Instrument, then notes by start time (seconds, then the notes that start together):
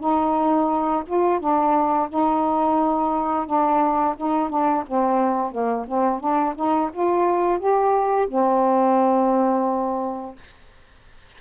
saxophone
0.00 D#4
1.07 F4
1.40 D4
2.10 D#4
3.46 D4
4.17 D#4
4.49 D4
4.87 C4
5.51 A#3
5.88 C4
6.20 D4
6.55 D#4
6.93 F4
7.59 G4
8.29 C4